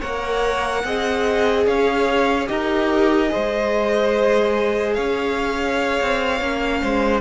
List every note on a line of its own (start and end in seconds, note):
0.00 0.84 A#3
0.00 0.85 A#4
0.00 0.82 C#5
0.00 1.66 F#5
0.84 1.66 C4
0.84 2.47 G#4
0.84 1.67 D#5
1.66 2.48 C#4
1.66 2.49 C#5
1.66 2.48 F5
2.47 3.31 D#4
2.47 3.29 G4
2.47 3.31 A#4
2.47 4.93 D#5
3.29 6.37 G#4
3.29 4.95 C5
3.36 4.97 G#3
4.93 6.00 C#4
4.93 6.80 C#5
4.93 7.19 F5
6.01 6.41 C4
6.41 6.82 A#3
6.41 7.20 C#4
6.81 7.20 G#3
6.81 7.20 C5